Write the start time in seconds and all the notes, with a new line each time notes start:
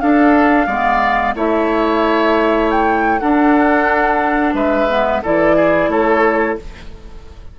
0.00 D4 A4 F5
0.67 G#3 B3 D5
1.35 A3 E4 C#5 E5
2.71 G5
3.19 D4 A4 F#5
4.54 G#3 B4 E5
4.89 B3
5.22 E3 E4 A4 D5
5.56 G#4
5.88 A3 A4 C#5